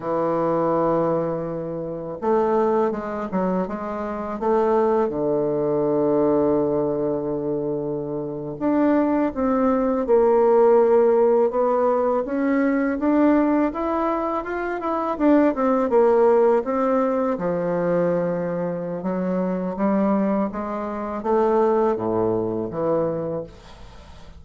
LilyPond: \new Staff \with { instrumentName = "bassoon" } { \time 4/4 \tempo 4 = 82 e2. a4 | gis8 fis8 gis4 a4 d4~ | d2.~ d8. d'16~ | d'8. c'4 ais2 b16~ |
b8. cis'4 d'4 e'4 f'16~ | f'16 e'8 d'8 c'8 ais4 c'4 f16~ | f2 fis4 g4 | gis4 a4 a,4 e4 | }